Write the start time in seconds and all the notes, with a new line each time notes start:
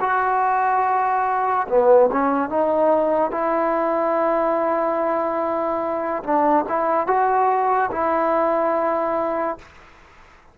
0.00 F#4
1.68 B3
2.12 C#4
2.49 D#4
3.31 E4
6.23 D4
6.69 E4
7.07 F#4
7.91 E4